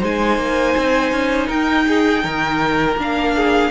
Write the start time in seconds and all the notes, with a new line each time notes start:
0.00 G#3 D#4 C5 G#5
0.38 A#3
0.77 C4
1.12 C#4
1.47 D#4 A#4 G5
1.88 G#4
2.24 D#3 A#4
2.96 A#3 D4 F5
3.36 G#4